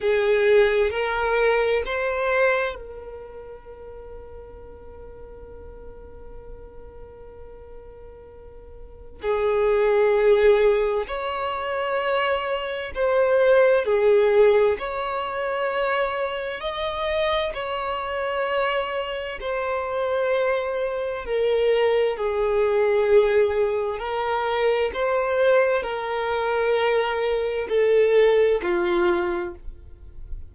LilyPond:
\new Staff \with { instrumentName = "violin" } { \time 4/4 \tempo 4 = 65 gis'4 ais'4 c''4 ais'4~ | ais'1~ | ais'2 gis'2 | cis''2 c''4 gis'4 |
cis''2 dis''4 cis''4~ | cis''4 c''2 ais'4 | gis'2 ais'4 c''4 | ais'2 a'4 f'4 | }